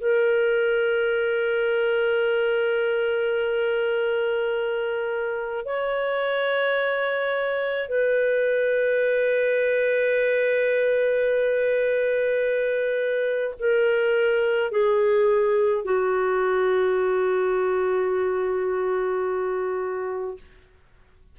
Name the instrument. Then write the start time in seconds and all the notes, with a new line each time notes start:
clarinet
0.00 A#4
5.65 C#5
7.88 B4
13.59 A#4
14.71 G#4
15.84 F#4